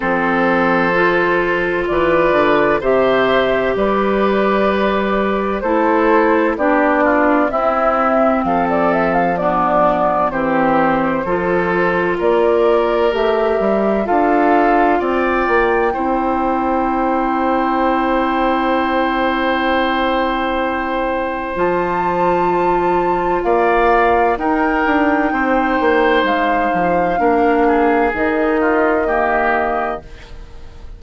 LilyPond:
<<
  \new Staff \with { instrumentName = "flute" } { \time 4/4 \tempo 4 = 64 c''2 d''4 e''4 | d''2 c''4 d''4 | e''4 f''16 d''16 e''16 f''16 d''4 c''4~ | c''4 d''4 e''4 f''4 |
g''1~ | g''2. a''4~ | a''4 f''4 g''2 | f''2 dis''2 | }
  \new Staff \with { instrumentName = "oboe" } { \time 4/4 a'2 b'4 c''4 | b'2 a'4 g'8 f'8 | e'4 a'4 d'4 g'4 | a'4 ais'2 a'4 |
d''4 c''2.~ | c''1~ | c''4 d''4 ais'4 c''4~ | c''4 ais'8 gis'4 f'8 g'4 | }
  \new Staff \with { instrumentName = "clarinet" } { \time 4/4 c'4 f'2 g'4~ | g'2 e'4 d'4 | c'2 b4 c'4 | f'2 g'4 f'4~ |
f'4 e'2.~ | e'2. f'4~ | f'2 dis'2~ | dis'4 d'4 dis'4 ais4 | }
  \new Staff \with { instrumentName = "bassoon" } { \time 4/4 f2 e8 d8 c4 | g2 a4 b4 | c'4 f2 e4 | f4 ais4 a8 g8 d'4 |
c'8 ais8 c'2.~ | c'2. f4~ | f4 ais4 dis'8 d'8 c'8 ais8 | gis8 f8 ais4 dis2 | }
>>